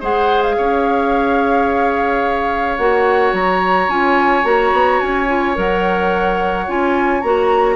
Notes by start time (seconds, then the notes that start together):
0.00 G#3 G#4 C5 F#5
0.43 F5
0.57 C#4 C#5
2.77 A#3 F#4 F#5
3.32 F#3 A#5
3.88 C#4 F4 G#5
4.43 A#3 F#4 A#5
4.72 B3
4.99 C#4 G#5
5.27 F4
5.55 F#3 A#4 F#5
6.67 C#4 F4 G#5
7.21 A#3 F#4 A#5